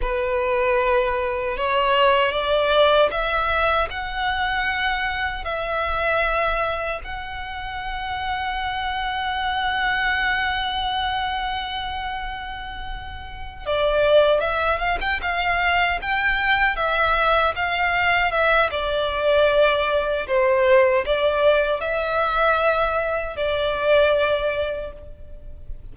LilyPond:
\new Staff \with { instrumentName = "violin" } { \time 4/4 \tempo 4 = 77 b'2 cis''4 d''4 | e''4 fis''2 e''4~ | e''4 fis''2.~ | fis''1~ |
fis''4. d''4 e''8 f''16 g''16 f''8~ | f''8 g''4 e''4 f''4 e''8 | d''2 c''4 d''4 | e''2 d''2 | }